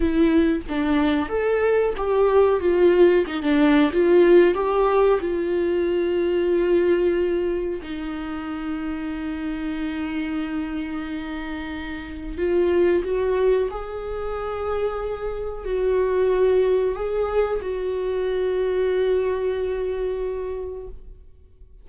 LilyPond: \new Staff \with { instrumentName = "viola" } { \time 4/4 \tempo 4 = 92 e'4 d'4 a'4 g'4 | f'4 dis'16 d'8. f'4 g'4 | f'1 | dis'1~ |
dis'2. f'4 | fis'4 gis'2. | fis'2 gis'4 fis'4~ | fis'1 | }